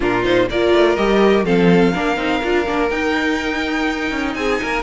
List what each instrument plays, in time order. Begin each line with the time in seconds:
0.00 cello A#2, viola D4, violin F4 A#4
0.23 viola D#4, violin C5
0.49 cello A#3, viola F4, violin A#4 D5
0.73 cello A3
0.95 cello G3, viola G4, violin D#5
1.43 cello F3, viola C4, violin A4 F5
1.92 cello A#3, viola D4, violin A#4
2.16 cello C4, viola D#4
2.43 cello D4, viola F4
2.65 cello A#3, viola D4
2.89 cello D#4, viola D#4, violin G5
4.11 cello C#4
4.34 cello C4, violin G#4 G#5
4.61 cello A#3, violin A#4